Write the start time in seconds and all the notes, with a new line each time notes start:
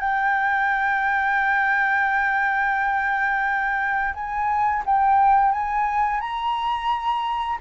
0.00 G5
4.14 G#5
4.86 G5
5.52 G#5
6.20 A#5